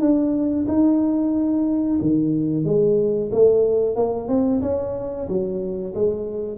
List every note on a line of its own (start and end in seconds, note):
0.00 0.66 D4
0.68 2.00 D#4
2.01 2.65 D#3
2.65 3.31 G#3
3.32 3.96 A3
3.96 4.28 A#3
4.28 4.61 C4
4.62 5.27 C#4
5.28 5.94 F#3
5.94 6.58 G#3